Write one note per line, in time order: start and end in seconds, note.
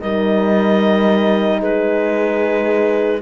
0.00 1.62 G3
0.00 3.21 D#4
0.00 1.59 A#4
0.00 1.60 D#5
1.59 3.22 G#3
1.59 3.19 G#4
1.59 3.21 B4